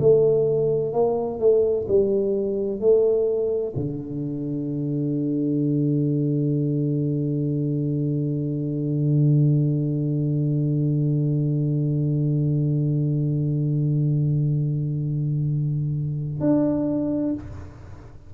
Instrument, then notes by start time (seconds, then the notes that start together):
tuba
0.00 A3
0.93 A#3
1.40 A3
1.88 G3
2.80 A3
3.76 D3
16.40 D4